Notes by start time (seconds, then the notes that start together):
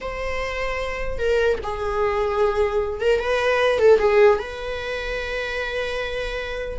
0.00 C5
1.18 A#4
1.63 G#4
3.01 A#4
3.19 B4
3.78 A4
3.98 G#4
4.38 B4